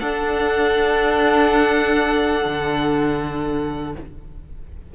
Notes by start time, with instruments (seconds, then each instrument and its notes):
0.00 viola D4, cello D4, violin A4 F#5
2.45 cello D3